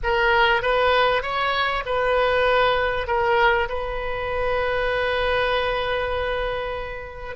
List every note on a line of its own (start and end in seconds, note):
0.03 0.62 A#4
0.62 1.22 B4
1.22 1.83 C#5
1.85 3.07 B4
3.07 3.68 A#4
3.68 7.36 B4